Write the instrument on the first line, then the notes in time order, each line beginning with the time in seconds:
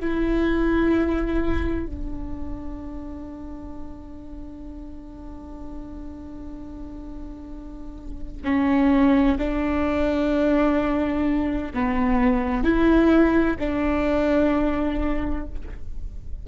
viola
0.00 E4
1.87 D4
8.44 C#4
9.39 D4
11.74 B3
12.63 E4
13.59 D4